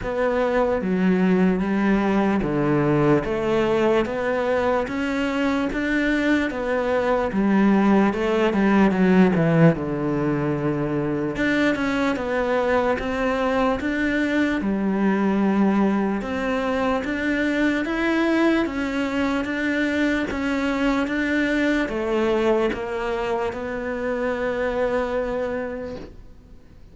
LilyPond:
\new Staff \with { instrumentName = "cello" } { \time 4/4 \tempo 4 = 74 b4 fis4 g4 d4 | a4 b4 cis'4 d'4 | b4 g4 a8 g8 fis8 e8 | d2 d'8 cis'8 b4 |
c'4 d'4 g2 | c'4 d'4 e'4 cis'4 | d'4 cis'4 d'4 a4 | ais4 b2. | }